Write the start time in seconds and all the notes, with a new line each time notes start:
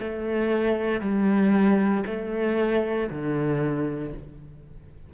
0.00 A3
1.01 G3
2.06 A3
3.10 D3